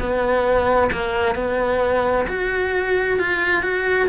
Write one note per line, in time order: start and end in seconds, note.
0.00 0.91 B3
0.92 1.35 A#3
1.35 2.26 B3
2.29 3.19 F#4
3.19 3.63 F4
3.63 4.08 F#4